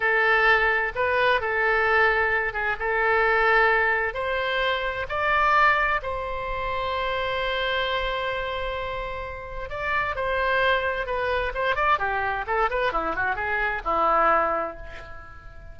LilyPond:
\new Staff \with { instrumentName = "oboe" } { \time 4/4 \tempo 4 = 130 a'2 b'4 a'4~ | a'4. gis'8 a'2~ | a'4 c''2 d''4~ | d''4 c''2.~ |
c''1~ | c''4 d''4 c''2 | b'4 c''8 d''8 g'4 a'8 b'8 | e'8 fis'8 gis'4 e'2 | }